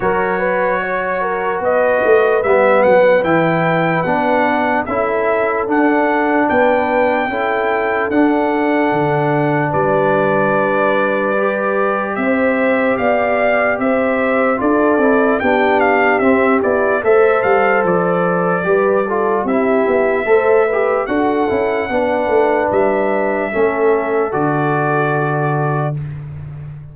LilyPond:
<<
  \new Staff \with { instrumentName = "trumpet" } { \time 4/4 \tempo 4 = 74 cis''2 dis''4 e''8 fis''8 | g''4 fis''4 e''4 fis''4 | g''2 fis''2 | d''2. e''4 |
f''4 e''4 d''4 g''8 f''8 | e''8 d''8 e''8 f''8 d''2 | e''2 fis''2 | e''2 d''2 | }
  \new Staff \with { instrumentName = "horn" } { \time 4/4 ais'8 b'8 cis''8 ais'8 b'2~ | b'2 a'2 | b'4 a'2. | b'2. c''4 |
d''4 c''4 a'4 g'4~ | g'4 c''2 b'8 a'8 | g'4 c''8 b'8 a'4 b'4~ | b'4 a'2. | }
  \new Staff \with { instrumentName = "trombone" } { \time 4/4 fis'2. b4 | e'4 d'4 e'4 d'4~ | d'4 e'4 d'2~ | d'2 g'2~ |
g'2 f'8 e'8 d'4 | c'8 e'8 a'2 g'8 f'8 | e'4 a'8 g'8 fis'8 e'8 d'4~ | d'4 cis'4 fis'2 | }
  \new Staff \with { instrumentName = "tuba" } { \time 4/4 fis2 b8 a8 g8 fis8 | e4 b4 cis'4 d'4 | b4 cis'4 d'4 d4 | g2. c'4 |
b4 c'4 d'8 c'8 b4 | c'8 b8 a8 g8 f4 g4 | c'8 b8 a4 d'8 cis'8 b8 a8 | g4 a4 d2 | }
>>